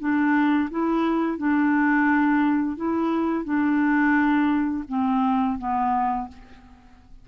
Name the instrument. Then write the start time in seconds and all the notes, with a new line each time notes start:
clarinet
0.00 D4
0.71 E4
1.38 D4
2.77 E4
3.45 D4
4.89 C4
5.58 B3